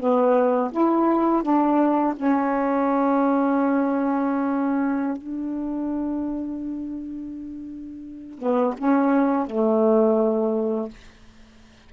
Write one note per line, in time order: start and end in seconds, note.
0.00 0.71 B3
0.72 1.43 E4
1.43 2.14 D4
2.16 5.18 C#4
5.18 8.39 D4
8.39 8.75 B3
8.78 9.47 C#4
9.47 10.90 A3